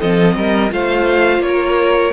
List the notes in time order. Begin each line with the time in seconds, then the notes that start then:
0.00 F3 C4 A4 D#5
0.36 G3 A#4
0.70 A3 F4 C5 F5
1.39 A#3 C#5
1.47 A#4